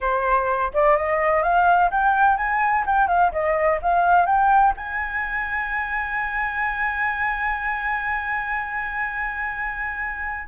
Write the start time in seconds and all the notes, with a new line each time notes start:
0.00 C5
0.73 D5
0.96 D#5
1.42 F5
1.90 G5
2.37 G#5
2.86 G5
3.07 F5
3.32 D#5
3.81 F5
4.26 G5
4.77 G#5